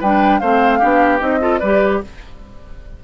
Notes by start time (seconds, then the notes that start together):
0.00 G3 D4 B4 G5
0.39 A3 C4 C5 F5
0.79 B3 D4 G4
1.19 C4 D#4 D#5
1.40 F4 A4
1.59 G3 G4 B4 D5